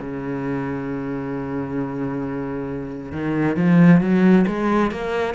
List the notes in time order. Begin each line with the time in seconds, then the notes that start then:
0.00 C#3
3.12 D#3
3.57 F3
4.01 F#3
4.47 G#3
4.91 A#3